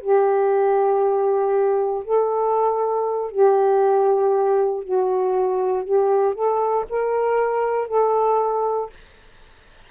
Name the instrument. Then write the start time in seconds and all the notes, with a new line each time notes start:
saxophone
0.00 G4
2.04 A4
3.31 G4
4.83 F#4
5.84 G4
6.34 A4
6.89 A#4
7.88 A4